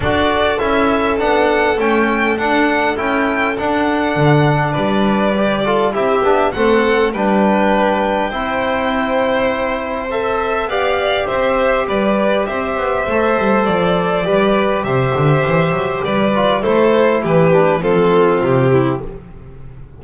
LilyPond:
<<
  \new Staff \with { instrumentName = "violin" } { \time 4/4 \tempo 4 = 101 d''4 e''4 fis''4 g''4 | fis''4 g''4 fis''2 | d''2 e''4 fis''4 | g''1~ |
g''4 e''4 f''4 e''4 | d''4 e''2 d''4~ | d''4 e''2 d''4 | c''4 b'4 a'4 g'4 | }
  \new Staff \with { instrumentName = "violin" } { \time 4/4 a'1~ | a'1 | b'4. a'8 g'4 a'4 | b'2 c''2~ |
c''2 d''4 c''4 | b'4 c''2. | b'4 c''2 b'4 | a'4 g'4 f'4. e'8 | }
  \new Staff \with { instrumentName = "trombone" } { \time 4/4 fis'4 e'4 d'4 cis'4 | d'4 e'4 d'2~ | d'4 g'8 f'8 e'8 d'8 c'4 | d'2 e'2~ |
e'4 a'4 g'2~ | g'2 a'2 | g'2.~ g'8 f'8 | e'4. d'8 c'2 | }
  \new Staff \with { instrumentName = "double bass" } { \time 4/4 d'4 cis'4 b4 a4 | d'4 cis'4 d'4 d4 | g2 c'8 b8 a4 | g2 c'2~ |
c'2 b4 c'4 | g4 c'8 b8 a8 g8 f4 | g4 c8 d8 e8 fis8 g4 | a4 e4 f4 c4 | }
>>